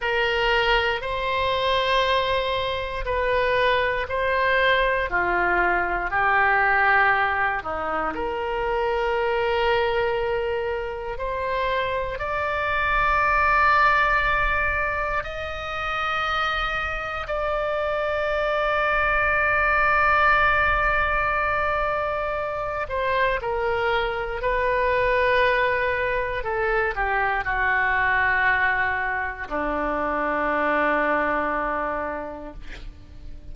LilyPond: \new Staff \with { instrumentName = "oboe" } { \time 4/4 \tempo 4 = 59 ais'4 c''2 b'4 | c''4 f'4 g'4. dis'8 | ais'2. c''4 | d''2. dis''4~ |
dis''4 d''2.~ | d''2~ d''8 c''8 ais'4 | b'2 a'8 g'8 fis'4~ | fis'4 d'2. | }